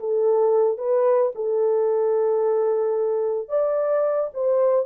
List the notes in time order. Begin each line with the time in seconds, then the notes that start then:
0.00 A4
0.78 B4
1.35 A4
3.49 D5
4.34 C5